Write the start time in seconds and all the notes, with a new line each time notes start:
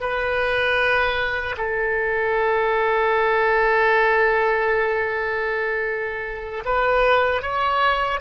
0.00 B4
1.57 A4
6.65 B4
7.42 C#5